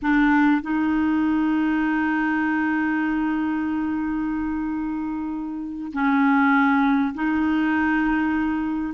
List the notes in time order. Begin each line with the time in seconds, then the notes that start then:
0.02 D4
0.61 D#4
5.92 C#4
7.14 D#4